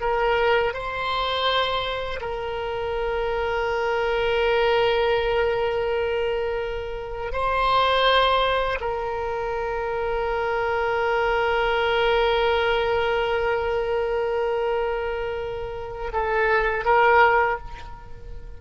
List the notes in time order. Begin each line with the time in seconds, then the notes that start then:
0.00 A#4
0.73 C5
2.20 A#4
7.32 C5
8.80 A#4
16.12 A4
16.85 A#4